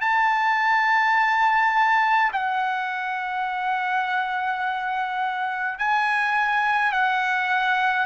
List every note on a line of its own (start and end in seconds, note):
0.00 2.31 A5
2.32 5.78 F#5
5.78 6.92 G#5
6.92 8.06 F#5